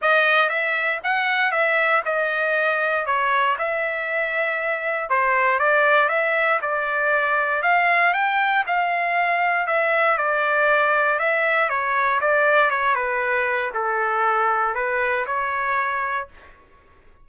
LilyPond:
\new Staff \with { instrumentName = "trumpet" } { \time 4/4 \tempo 4 = 118 dis''4 e''4 fis''4 e''4 | dis''2 cis''4 e''4~ | e''2 c''4 d''4 | e''4 d''2 f''4 |
g''4 f''2 e''4 | d''2 e''4 cis''4 | d''4 cis''8 b'4. a'4~ | a'4 b'4 cis''2 | }